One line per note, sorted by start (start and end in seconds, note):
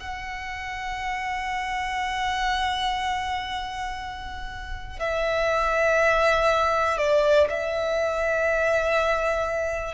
0.00 5.00 F#5
5.00 6.98 E5
6.98 7.48 D5
7.50 9.95 E5